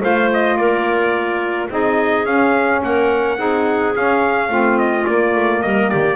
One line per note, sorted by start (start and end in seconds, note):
0.00 0.56 A3
0.00 1.68 F4
0.00 0.57 C5
0.00 0.32 F5
0.33 0.57 D#5
0.56 1.68 A#3
0.56 1.71 A#4
0.56 1.69 D5
1.69 2.25 C4
1.69 2.25 D#4
1.69 2.83 G#4
1.69 2.26 D#5
2.25 2.82 C#4
2.25 3.38 C#4
2.25 2.82 F5
2.83 3.39 A#3
2.83 3.38 A#4
2.83 3.96 F#5
3.38 3.95 C4
3.38 3.94 D#4
3.38 4.50 G#4
3.94 4.49 C#4
3.94 4.79 F5
4.49 5.05 A3
4.49 5.05 C4
4.49 5.62 F4
4.79 5.07 D#5
5.07 6.16 A#3
5.07 5.35 A#3
5.07 5.62 D5
5.35 5.63 A3
5.62 5.92 G3
5.62 5.90 A#4
5.62 5.90 D#5
5.90 6.16 D#3
5.90 6.16 G4
5.90 6.16 D5